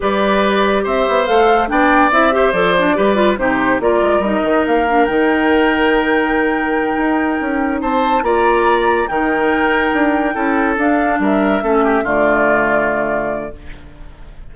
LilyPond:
<<
  \new Staff \with { instrumentName = "flute" } { \time 4/4 \tempo 4 = 142 d''2 e''4 f''4 | g''4 e''4 d''2 | c''4 d''4 dis''4 f''4 | g''1~ |
g''2~ g''8 a''4 ais''8~ | ais''4. g''2~ g''8~ | g''4. f''4 e''4.~ | e''8 d''2.~ d''8 | }
  \new Staff \with { instrumentName = "oboe" } { \time 4/4 b'2 c''2 | d''4. c''4. b'4 | g'4 ais'2.~ | ais'1~ |
ais'2~ ais'8 c''4 d''8~ | d''4. ais'2~ ais'8~ | ais'8 a'2 ais'4 a'8 | g'8 f'2.~ f'8 | }
  \new Staff \with { instrumentName = "clarinet" } { \time 4/4 g'2. a'4 | d'4 e'8 g'8 a'8 d'8 g'8 f'8 | dis'4 f'4 dis'4. d'8 | dis'1~ |
dis'2.~ dis'8 f'8~ | f'4. dis'2~ dis'8~ | dis'8 e'4 d'2 cis'8~ | cis'8 a2.~ a8 | }
  \new Staff \with { instrumentName = "bassoon" } { \time 4/4 g2 c'8 b8 a4 | b4 c'4 f4 g4 | c4 ais8 gis8 g8 dis8 ais4 | dis1~ |
dis8 dis'4 cis'4 c'4 ais8~ | ais4. dis2 d'8~ | d'8 cis'4 d'4 g4 a8~ | a8 d2.~ d8 | }
>>